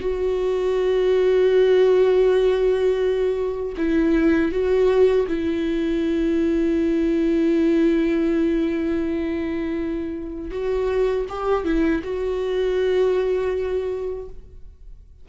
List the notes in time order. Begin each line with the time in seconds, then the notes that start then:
0.00 F#4
3.77 E4
4.51 F#4
5.27 E4
10.51 F#4
11.29 G4
11.64 E4
12.03 F#4